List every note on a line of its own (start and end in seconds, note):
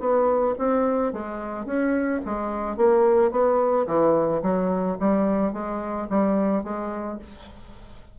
0.00 0.55 B3
0.59 1.13 C4
1.13 1.66 G#3
1.66 2.21 C#4
2.25 2.77 G#3
2.77 3.32 A#3
3.32 3.87 B3
3.87 4.42 E3
4.43 4.98 F#3
5.00 5.53 G3
5.53 6.08 G#3
6.10 6.64 G3
6.64 7.19 G#3